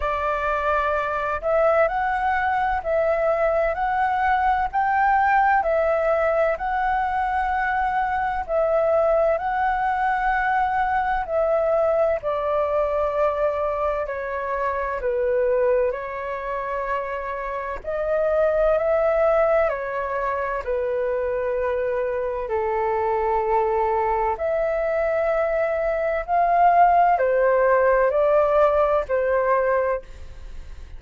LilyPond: \new Staff \with { instrumentName = "flute" } { \time 4/4 \tempo 4 = 64 d''4. e''8 fis''4 e''4 | fis''4 g''4 e''4 fis''4~ | fis''4 e''4 fis''2 | e''4 d''2 cis''4 |
b'4 cis''2 dis''4 | e''4 cis''4 b'2 | a'2 e''2 | f''4 c''4 d''4 c''4 | }